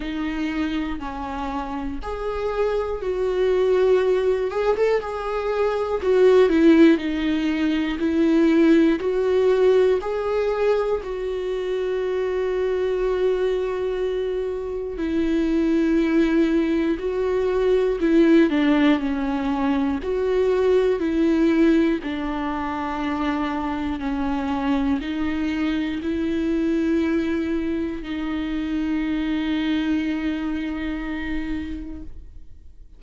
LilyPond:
\new Staff \with { instrumentName = "viola" } { \time 4/4 \tempo 4 = 60 dis'4 cis'4 gis'4 fis'4~ | fis'8 gis'16 a'16 gis'4 fis'8 e'8 dis'4 | e'4 fis'4 gis'4 fis'4~ | fis'2. e'4~ |
e'4 fis'4 e'8 d'8 cis'4 | fis'4 e'4 d'2 | cis'4 dis'4 e'2 | dis'1 | }